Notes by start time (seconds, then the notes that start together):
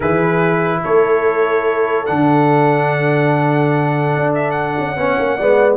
0.00 E3 E4 G#4 B4
0.83 A3 A4 C#5
2.06 D3 D4 F#5
4.15 D4
4.34 E5
4.50 F#5
4.78 C#4
4.97 B3 C#4 C#5
5.18 A#3
5.37 G#3 B3 D5